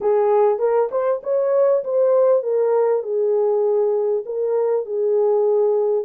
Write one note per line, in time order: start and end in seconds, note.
0.00 0.59 G#4
0.59 0.89 A#4
0.91 1.21 C5
1.23 1.83 C#5
1.84 2.42 C5
2.42 3.02 A#4
3.02 4.24 G#4
4.25 4.85 A#4
4.85 6.04 G#4